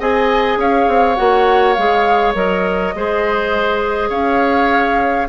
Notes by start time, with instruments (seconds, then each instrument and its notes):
0.00 bassoon C4, clarinet G#4, oboe D#5, flute G#5
0.58 bassoon C#4, oboe C#5, flute F5
0.88 bassoon C4
1.16 bassoon A#3, clarinet F#4, flute F#5
1.74 bassoon G#3, clarinet G#4, flute F5
2.35 bassoon F#3, clarinet A#4, flute D#5
2.95 bassoon G#3, clarinet G#4, oboe C5
4.10 bassoon C#4, oboe C#5, flute F5